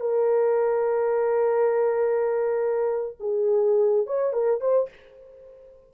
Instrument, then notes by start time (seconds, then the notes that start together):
horn
0.00 A#4
3.20 G#4
4.06 C#5
4.33 A#4
4.60 C5